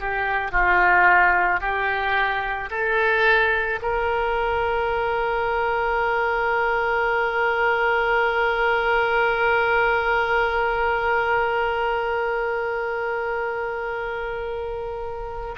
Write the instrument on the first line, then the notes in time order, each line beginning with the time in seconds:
oboe
0.00 G4
0.52 F4
1.61 G4
2.71 A4
3.82 A#4